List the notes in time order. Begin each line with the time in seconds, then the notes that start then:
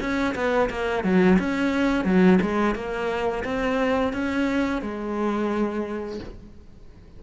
0.00 C#4
0.35 B3
0.70 A#3
1.04 F#3
1.39 C#4
2.05 F#3
2.42 G#3
2.75 A#3
3.45 C4
4.13 C#4
4.82 G#3